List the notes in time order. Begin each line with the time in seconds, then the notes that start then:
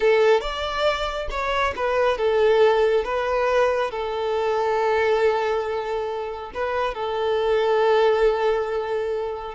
0.00 A4
0.41 D5
1.30 C#5
1.75 B4
2.17 A4
3.04 B4
3.91 A4
6.54 B4
6.94 A4